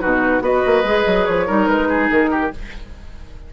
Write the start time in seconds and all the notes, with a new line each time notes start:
0.00 B2 D#4 F#4 B4
0.41 B3 F#4 B4 D#5
0.66 A#3
0.83 G#3 G#4
1.06 F#3
1.25 F3 C#5
1.46 G3 D#4 A#4
1.66 G#3 B4
1.88 G#4
2.10 D#3 A#4
2.30 G4